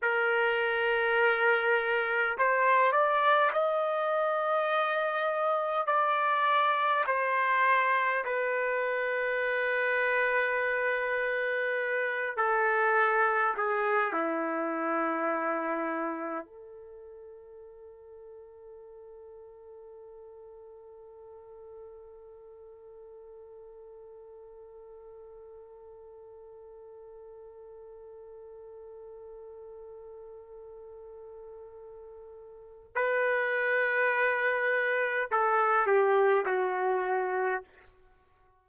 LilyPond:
\new Staff \with { instrumentName = "trumpet" } { \time 4/4 \tempo 4 = 51 ais'2 c''8 d''8 dis''4~ | dis''4 d''4 c''4 b'4~ | b'2~ b'8 a'4 gis'8 | e'2 a'2~ |
a'1~ | a'1~ | a'1 | b'2 a'8 g'8 fis'4 | }